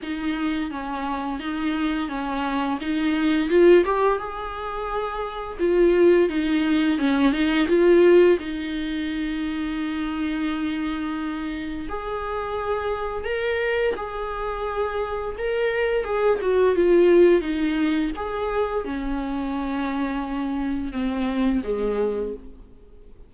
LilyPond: \new Staff \with { instrumentName = "viola" } { \time 4/4 \tempo 4 = 86 dis'4 cis'4 dis'4 cis'4 | dis'4 f'8 g'8 gis'2 | f'4 dis'4 cis'8 dis'8 f'4 | dis'1~ |
dis'4 gis'2 ais'4 | gis'2 ais'4 gis'8 fis'8 | f'4 dis'4 gis'4 cis'4~ | cis'2 c'4 gis4 | }